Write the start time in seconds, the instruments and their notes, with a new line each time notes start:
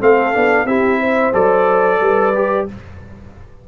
0.00 tuba A3, trombone C4, horn A4, trumpet F5
0.33 tuba B3, trombone D4
0.66 tuba C4, trombone E4, horn G4, trumpet E5
1.00 horn C5
1.33 tuba F#3, trombone A4, trumpet D5
2.01 tuba G3, horn B4
2.35 trombone G4